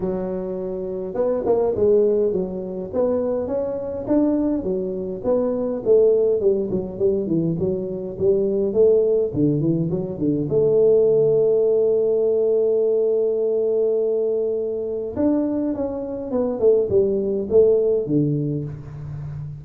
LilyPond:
\new Staff \with { instrumentName = "tuba" } { \time 4/4 \tempo 4 = 103 fis2 b8 ais8 gis4 | fis4 b4 cis'4 d'4 | fis4 b4 a4 g8 fis8 | g8 e8 fis4 g4 a4 |
d8 e8 fis8 d8 a2~ | a1~ | a2 d'4 cis'4 | b8 a8 g4 a4 d4 | }